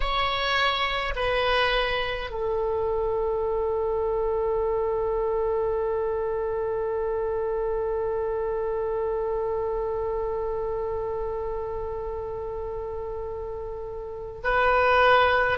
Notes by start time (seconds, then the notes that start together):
0.00 C#5
1.15 B4
2.30 A4
14.43 B4